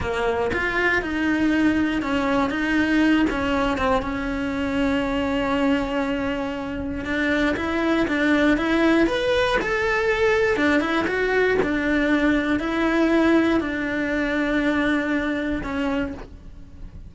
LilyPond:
\new Staff \with { instrumentName = "cello" } { \time 4/4 \tempo 4 = 119 ais4 f'4 dis'2 | cis'4 dis'4. cis'4 c'8 | cis'1~ | cis'2 d'4 e'4 |
d'4 e'4 b'4 a'4~ | a'4 d'8 e'8 fis'4 d'4~ | d'4 e'2 d'4~ | d'2. cis'4 | }